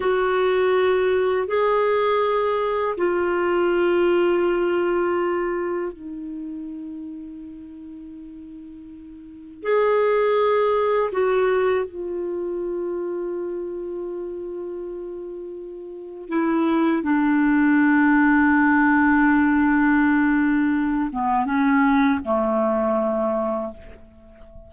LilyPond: \new Staff \with { instrumentName = "clarinet" } { \time 4/4 \tempo 4 = 81 fis'2 gis'2 | f'1 | dis'1~ | dis'4 gis'2 fis'4 |
f'1~ | f'2 e'4 d'4~ | d'1~ | d'8 b8 cis'4 a2 | }